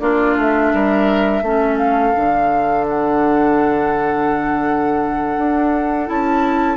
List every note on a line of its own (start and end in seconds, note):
0.00 0.36 A#3
0.00 1.43 D4
0.00 0.73 F4
0.00 0.36 D5
0.36 0.72 A3
0.36 1.78 E5
0.73 1.42 G3
0.73 1.44 A#4
1.42 2.13 A3
1.42 2.14 C#4
1.42 6.77 A4
1.78 2.85 F5
2.14 5.38 D3
2.14 6.07 D4
2.89 6.09 F#5
5.38 6.09 D4
6.07 6.77 C#4
6.07 6.77 E4
6.07 6.77 A5